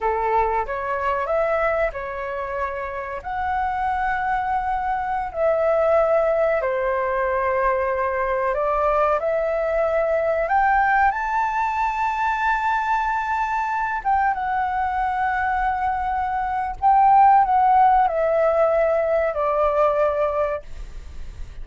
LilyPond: \new Staff \with { instrumentName = "flute" } { \time 4/4 \tempo 4 = 93 a'4 cis''4 e''4 cis''4~ | cis''4 fis''2.~ | fis''16 e''2 c''4.~ c''16~ | c''4~ c''16 d''4 e''4.~ e''16~ |
e''16 g''4 a''2~ a''8.~ | a''4.~ a''16 g''8 fis''4.~ fis''16~ | fis''2 g''4 fis''4 | e''2 d''2 | }